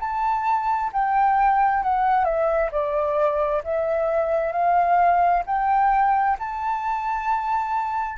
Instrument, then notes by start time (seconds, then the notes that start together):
flute
0.00 A5
0.93 G5
1.83 F#5
2.24 E5
2.71 D5
3.64 E5
4.52 F5
5.46 G5
6.39 A5